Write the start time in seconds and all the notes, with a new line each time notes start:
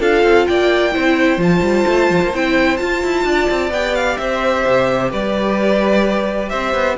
0.00 D4 F4 A4 F5
0.23 C4
0.47 A#3 D5 G5
0.92 C4 E4 C5
1.37 F3 F4 A5
1.61 G3
1.87 A3
2.10 F3
2.22 A#3
2.34 C4 E4 G5
2.77 F4 A5
3.03 E4
3.25 D4 D5
3.50 C4
3.70 B3 G4 G5
3.95 F5
4.17 C4 C5 E5
4.67 C3
5.10 G3 B4 D5
6.50 C4 C5 E5
6.74 B3